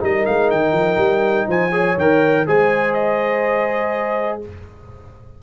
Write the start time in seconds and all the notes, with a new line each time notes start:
0.00 G3 D#4 A#4 D#5
0.26 G#3 F5
0.51 D#3 G5
0.73 F3
0.97 G3
1.47 F3 C5 G#5
1.72 G#4 C#5
1.97 D#3 A#4 G5
2.47 G#3 G#4 C5 G#5
2.94 D#5